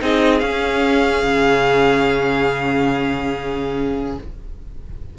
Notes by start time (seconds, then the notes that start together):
0.00 C4 D#4 G#4 D#5
0.39 C#4 F5
1.24 C#3